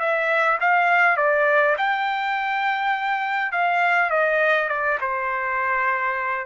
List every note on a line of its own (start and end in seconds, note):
0.00 0.59 E5
0.61 1.17 F5
1.17 1.76 D5
1.78 3.52 G5
3.52 4.10 F5
4.10 4.69 D#5
4.69 4.99 D5
5.01 6.46 C5